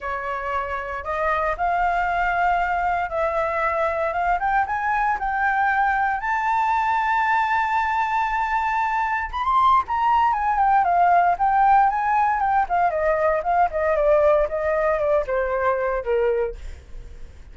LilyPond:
\new Staff \with { instrumentName = "flute" } { \time 4/4 \tempo 4 = 116 cis''2 dis''4 f''4~ | f''2 e''2 | f''8 g''8 gis''4 g''2 | a''1~ |
a''2 b''16 c'''8. ais''4 | gis''8 g''8 f''4 g''4 gis''4 | g''8 f''8 dis''4 f''8 dis''8 d''4 | dis''4 d''8 c''4. ais'4 | }